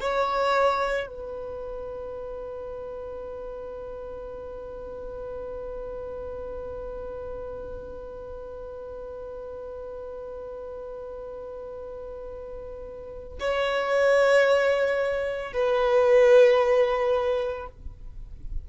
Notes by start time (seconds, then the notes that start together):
0.00 C#5
1.07 B4
13.39 C#5
15.53 B4